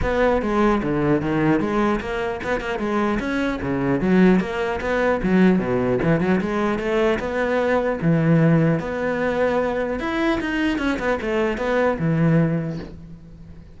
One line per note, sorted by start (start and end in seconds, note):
0.01 0.41 B3
0.42 0.82 G#3
0.83 1.21 D3
1.21 1.60 D#3
1.60 2.00 G#3
2.00 2.40 A#3
2.43 2.60 B3
2.60 2.79 A#3
2.79 3.19 G#3
3.19 3.59 C#4
3.61 4.00 C#3
4.00 4.40 F#3
4.40 4.80 A#3
4.81 5.21 B3
5.22 5.58 F#3
5.58 5.98 B2
6.02 6.20 E3
6.20 6.40 F#3
6.40 6.78 G#3
6.78 7.18 A3
7.19 7.99 B3
8.01 8.79 E3
8.79 9.99 B3
9.99 10.39 E4
10.40 10.78 D#4
10.78 10.98 C#4
10.99 11.19 B3
11.21 11.57 A3
11.57 11.97 B3
11.99 12.79 E3